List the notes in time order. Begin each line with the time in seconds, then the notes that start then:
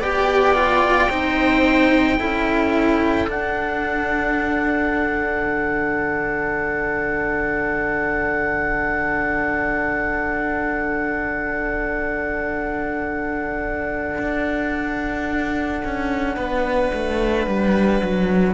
0.00 B3 G4 D5 G5
0.55 F4
1.10 C4 D#4 C5
2.19 C#4 E4 A4
3.28 D4 F#5
5.46 D3
14.19 D4
15.85 C#4
16.36 B3 B4
16.93 A3
17.47 G3
18.02 F#3